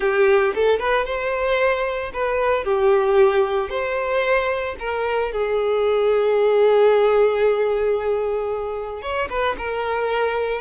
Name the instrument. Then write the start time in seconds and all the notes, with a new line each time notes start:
violin
0.00 G4
0.55 A4
0.79 B4
1.05 C5
2.13 B4
2.64 G4
3.69 C5
4.79 A#4
5.31 G#4
9.01 C#5
9.29 B4
9.57 A#4